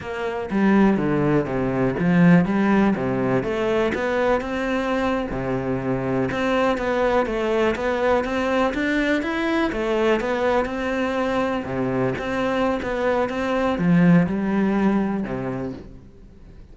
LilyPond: \new Staff \with { instrumentName = "cello" } { \time 4/4 \tempo 4 = 122 ais4 g4 d4 c4 | f4 g4 c4 a4 | b4 c'4.~ c'16 c4~ c16~ | c8. c'4 b4 a4 b16~ |
b8. c'4 d'4 e'4 a16~ | a8. b4 c'2 c16~ | c8. c'4~ c'16 b4 c'4 | f4 g2 c4 | }